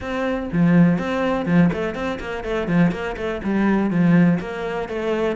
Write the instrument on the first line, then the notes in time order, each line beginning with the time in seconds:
cello
0.00 C4
0.52 F3
0.98 C4
1.45 F3
1.72 A3
1.94 C4
2.20 A#3
2.44 A3
2.67 F3
2.91 A#3
3.17 A3
3.43 G3
3.90 F3
4.39 A#3
4.88 A3